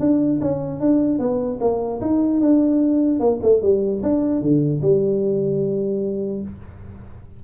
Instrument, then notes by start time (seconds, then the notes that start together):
tuba
0.00 D4
0.41 C#4
0.80 D4
1.19 B3
1.61 A#3
2.01 D#4
2.41 D4
3.20 A#3
3.43 A3
3.62 G3
4.03 D4
4.41 D3
4.82 G3